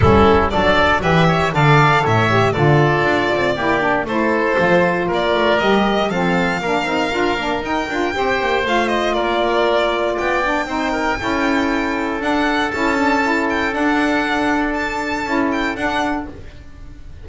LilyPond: <<
  \new Staff \with { instrumentName = "violin" } { \time 4/4 \tempo 4 = 118 a'4 d''4 e''4 f''4 | e''4 d''2. | c''2 d''4 dis''4 | f''2. g''4~ |
g''4 f''8 dis''8 d''2 | g''1 | fis''4 a''4. g''8 fis''4~ | fis''4 a''4. g''8 fis''4 | }
  \new Staff \with { instrumentName = "oboe" } { \time 4/4 e'4 a'4 b'8 cis''8 d''4 | cis''4 a'2 g'4 | a'2 ais'2 | a'4 ais'2. |
c''2 ais'2 | d''4 c''8 ais'8 a'2~ | a'1~ | a'1 | }
  \new Staff \with { instrumentName = "saxophone" } { \time 4/4 cis'4 d'4 g'4 a'4~ | a'8 g'8 f'2 e'8 d'8 | e'4 f'2 g'4 | c'4 d'8 dis'8 f'8 d'8 dis'8 f'8 |
g'4 f'2.~ | f'8 d'8 dis'4 e'2 | d'4 e'8 d'8 e'4 d'4~ | d'2 e'4 d'4 | }
  \new Staff \with { instrumentName = "double bass" } { \time 4/4 g4 fis4 e4 d4 | a,4 d4 d'8 c'8 ais4 | a4 f4 ais8 a8 g4 | f4 ais8 c'8 d'8 ais8 dis'8 d'8 |
c'8 ais8 a4 ais2 | b4 c'4 cis'2 | d'4 cis'2 d'4~ | d'2 cis'4 d'4 | }
>>